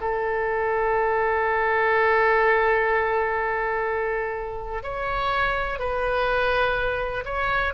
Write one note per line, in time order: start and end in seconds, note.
0.00 4.83 A4
4.83 5.79 C#5
5.79 7.24 B4
7.24 7.73 C#5